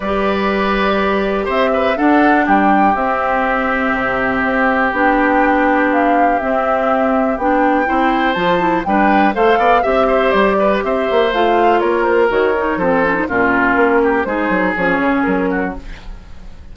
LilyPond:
<<
  \new Staff \with { instrumentName = "flute" } { \time 4/4 \tempo 4 = 122 d''2. e''4 | fis''4 g''4 e''2~ | e''2 g''2 | f''4 e''2 g''4~ |
g''4 a''4 g''4 f''4 | e''4 d''4 e''4 f''4 | cis''8 c''8 cis''4 c''4 ais'4~ | ais'4 c''4 cis''4 ais'4 | }
  \new Staff \with { instrumentName = "oboe" } { \time 4/4 b'2. c''8 b'8 | a'4 g'2.~ | g'1~ | g'1 |
c''2 b'4 c''8 d''8 | e''8 c''4 b'8 c''2 | ais'2 a'4 f'4~ | f'8 g'8 gis'2~ gis'8 fis'8 | }
  \new Staff \with { instrumentName = "clarinet" } { \time 4/4 g'1 | d'2 c'2~ | c'2 d'2~ | d'4 c'2 d'4 |
e'4 f'8 e'8 d'4 a'4 | g'2. f'4~ | f'4 fis'8 dis'8 c'8 cis'16 dis'16 cis'4~ | cis'4 dis'4 cis'2 | }
  \new Staff \with { instrumentName = "bassoon" } { \time 4/4 g2. c'4 | d'4 g4 c'2 | c4 c'4 b2~ | b4 c'2 b4 |
c'4 f4 g4 a8 b8 | c'4 g4 c'8 ais8 a4 | ais4 dis4 f4 ais,4 | ais4 gis8 fis8 f8 cis8 fis4 | }
>>